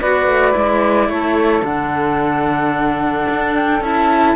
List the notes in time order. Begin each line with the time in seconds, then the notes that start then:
0.00 B3 F#4 B4 D5
0.27 A3
0.52 G#3 E4
1.09 A3 A4 C#5
1.63 D3 D4 F#5
3.31 D4
3.56 G5
3.81 C#4 E4 A5